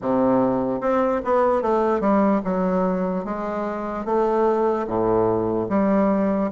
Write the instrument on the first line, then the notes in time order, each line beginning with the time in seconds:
bassoon
0.01 C3
0.80 C4
1.24 B3
1.61 A3
2.00 G3
2.44 F#3
3.24 G#3
4.05 A3
4.87 A2
5.69 G3